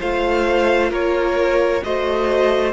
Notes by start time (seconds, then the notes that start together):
0.00 A3 F4 C5 F5
0.91 A#3 A#4 C#5
1.83 A3 F#4 C5 D#5